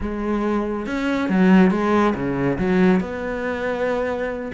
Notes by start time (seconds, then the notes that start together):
0.00 G#3
0.86 C#4
1.29 F#3
1.71 G#3
2.14 C#3
2.58 F#3
3.00 B3